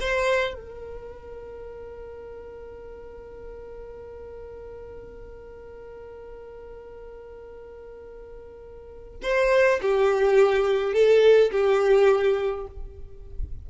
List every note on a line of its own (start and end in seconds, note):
0.00 0.53 C5
0.53 9.19 A#4
9.23 9.80 C5
9.82 10.93 G4
10.93 11.51 A4
11.51 12.67 G4